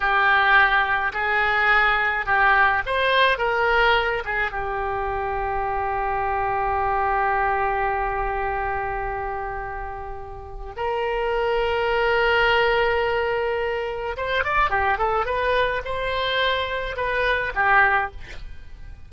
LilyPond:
\new Staff \with { instrumentName = "oboe" } { \time 4/4 \tempo 4 = 106 g'2 gis'2 | g'4 c''4 ais'4. gis'8 | g'1~ | g'1~ |
g'2. ais'4~ | ais'1~ | ais'4 c''8 d''8 g'8 a'8 b'4 | c''2 b'4 g'4 | }